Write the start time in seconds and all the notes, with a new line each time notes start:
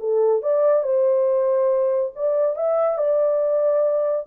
0.00 A4
0.42 D5
0.83 C5
2.16 D5
2.56 E5
2.98 D5